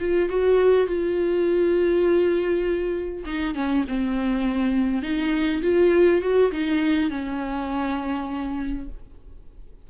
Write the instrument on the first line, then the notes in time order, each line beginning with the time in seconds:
viola
0.00 F4
0.30 F#4
0.87 F4
3.26 D#4
3.55 C#4
3.89 C4
5.03 D#4
5.62 F4
6.22 F#4
6.52 D#4
7.10 C#4